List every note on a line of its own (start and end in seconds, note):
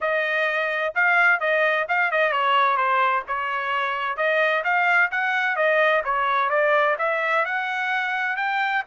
0.01 0.94 D#5
0.94 1.40 F5
1.40 1.86 D#5
1.88 2.11 F5
2.11 2.32 D#5
2.32 2.76 C#5
2.76 3.23 C5
3.27 4.16 C#5
4.16 4.63 D#5
4.64 5.10 F5
5.11 5.55 F#5
5.55 6.02 D#5
6.04 6.49 C#5
6.49 6.96 D5
6.98 7.45 E5
7.45 8.36 F#5
8.36 8.83 G5